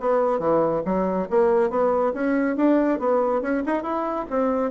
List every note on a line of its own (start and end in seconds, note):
0.00 0.39 B3
0.39 0.82 E3
0.85 1.28 F#3
1.30 1.70 A#3
1.70 2.13 B3
2.14 2.56 C#4
2.57 2.99 D4
2.99 3.42 B3
3.42 3.63 C#4
3.66 3.83 D#4
3.83 4.26 E4
4.30 4.71 C4